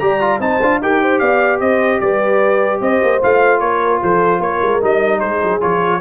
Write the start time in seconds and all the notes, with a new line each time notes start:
0.00 G3 G4 D5 A#5
0.21 F4
0.40 C4 D#4 C5 A5
0.61 D4 F4
0.81 D#4 G4 A#4 G5
1.02 C5
1.19 B3 D5 F5
1.61 C4 C5 D#5
2.01 G3 B4 D5
2.81 C4 C5 D#5
3.03 A#3
3.22 A3 F4 F5
3.60 A#3 A#4 C#5
4.03 F3 A4 C5
4.40 A#3 A#4 C#5
4.62 G#3
4.81 G3 D#4 D#5
5.19 G#3 G#4 C5
5.43 F#3
5.61 F3 F4 C#5